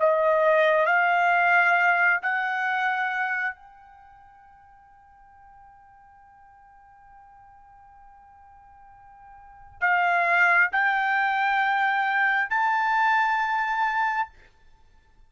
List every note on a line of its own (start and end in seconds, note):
0.00 0.86 D#5
0.86 2.21 F5
2.22 3.55 F#5
3.55 9.81 G5
9.81 10.71 F5
10.72 12.50 G5
12.50 14.30 A5